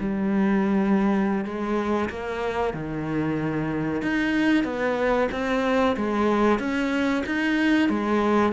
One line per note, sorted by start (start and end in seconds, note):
0.00 1.45 G3
1.45 2.10 G#3
2.10 2.74 A#3
2.74 4.03 D#3
4.03 4.64 D#4
4.64 5.29 B3
5.32 5.96 C4
5.97 6.60 G#3
6.60 7.24 C#4
7.26 7.90 D#4
7.90 8.53 G#3